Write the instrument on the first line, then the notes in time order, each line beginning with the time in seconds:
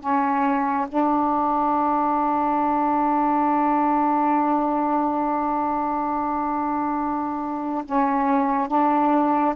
saxophone
0.00 C#4
0.89 D4
7.85 C#4
8.68 D4